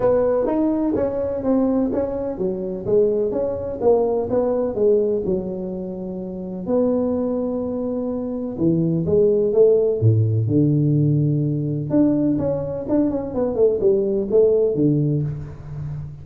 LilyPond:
\new Staff \with { instrumentName = "tuba" } { \time 4/4 \tempo 4 = 126 b4 dis'4 cis'4 c'4 | cis'4 fis4 gis4 cis'4 | ais4 b4 gis4 fis4~ | fis2 b2~ |
b2 e4 gis4 | a4 a,4 d2~ | d4 d'4 cis'4 d'8 cis'8 | b8 a8 g4 a4 d4 | }